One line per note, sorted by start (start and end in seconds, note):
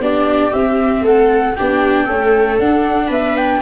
0.00 0.51 B3
0.00 0.51 D4
0.00 1.04 G4
0.00 0.53 D5
0.51 1.54 C4
0.51 1.01 C4
0.51 1.04 E5
1.01 1.53 A3
1.01 1.56 A4
1.01 1.55 F#5
1.55 2.08 B3
1.55 2.09 D4
1.55 2.05 G4
1.55 2.58 G5
2.05 2.60 A3
2.05 2.59 C#4
2.05 3.07 A4
2.59 3.10 D4
2.59 3.62 D4
2.59 3.10 F#5
3.08 3.61 B3
3.08 3.59 B4
3.08 3.37 E5
3.37 3.62 G5